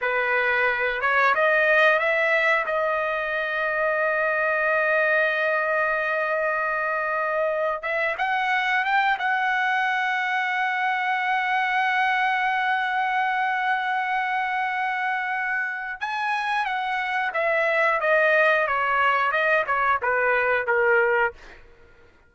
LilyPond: \new Staff \with { instrumentName = "trumpet" } { \time 4/4 \tempo 4 = 90 b'4. cis''8 dis''4 e''4 | dis''1~ | dis''2.~ dis''8. e''16~ | e''16 fis''4 g''8 fis''2~ fis''16~ |
fis''1~ | fis''1 | gis''4 fis''4 e''4 dis''4 | cis''4 dis''8 cis''8 b'4 ais'4 | }